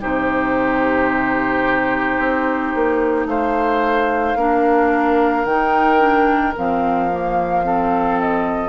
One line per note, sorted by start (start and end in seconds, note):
0.00 2.18 C3
0.00 4.36 D#4
0.00 3.27 G4
0.00 3.27 C5
2.18 2.73 C4
2.75 3.25 A#3
3.25 4.35 A3
3.25 4.38 C5
3.25 5.45 F5
4.36 5.45 A#3
4.36 5.47 D4
4.36 7.65 A#4
5.45 6.54 D#3
5.45 5.99 D#4
5.45 6.54 G5
5.99 6.53 D4
6.57 8.69 F3
6.57 7.11 C4
6.57 8.21 F5
7.11 7.64 A#3
7.64 8.69 C4
7.64 8.69 A4
8.21 8.69 D#5